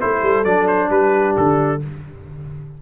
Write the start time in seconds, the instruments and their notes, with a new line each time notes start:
0.00 tuba A3, trombone E4, horn A4, trumpet C5
0.23 tuba G3
0.44 tuba F#3, trombone D4, trumpet D5
0.67 trumpet C5
0.90 tuba G3, horn G4, trumpet B4
1.37 tuba D3, trumpet A4